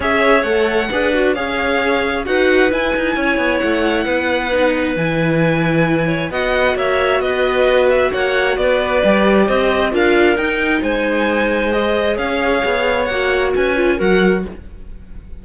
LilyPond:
<<
  \new Staff \with { instrumentName = "violin" } { \time 4/4 \tempo 4 = 133 e''4 fis''2 f''4~ | f''4 fis''4 gis''2 | fis''2. gis''4~ | gis''2 fis''4 e''4 |
dis''4. e''8 fis''4 d''4~ | d''4 dis''4 f''4 g''4 | gis''2 dis''4 f''4~ | f''4 fis''4 gis''4 fis''4 | }
  \new Staff \with { instrumentName = "clarinet" } { \time 4/4 cis''2 b'4 cis''4~ | cis''4 b'2 cis''4~ | cis''4 b'2.~ | b'4. cis''8 dis''4 cis''4 |
b'2 cis''4 b'4~ | b'4 c''4 ais'2 | c''2. cis''4~ | cis''2 b'4 ais'4 | }
  \new Staff \with { instrumentName = "viola" } { \time 4/4 gis'4 a'4 gis'8 fis'8 gis'4~ | gis'4 fis'4 e'2~ | e'2 dis'4 e'4~ | e'2 fis'2~ |
fis'1 | g'2 f'4 dis'4~ | dis'2 gis'2~ | gis'4 fis'4. f'8 fis'4 | }
  \new Staff \with { instrumentName = "cello" } { \time 4/4 cis'4 a4 d'4 cis'4~ | cis'4 dis'4 e'8 dis'8 cis'8 b8 | a4 b2 e4~ | e2 b4 ais4 |
b2 ais4 b4 | g4 c'4 d'4 dis'4 | gis2. cis'4 | b4 ais4 cis'4 fis4 | }
>>